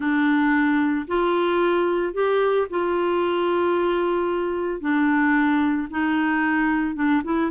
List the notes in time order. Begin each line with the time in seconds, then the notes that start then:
0.00 D4
1.07 F4
2.13 G4
2.70 F4
4.80 D4
5.90 D#4
6.95 D4
7.24 E4